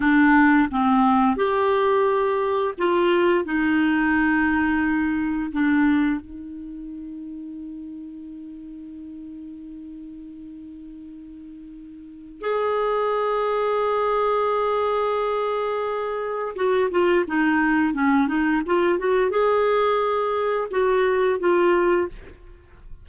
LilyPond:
\new Staff \with { instrumentName = "clarinet" } { \time 4/4 \tempo 4 = 87 d'4 c'4 g'2 | f'4 dis'2. | d'4 dis'2.~ | dis'1~ |
dis'2 gis'2~ | gis'1 | fis'8 f'8 dis'4 cis'8 dis'8 f'8 fis'8 | gis'2 fis'4 f'4 | }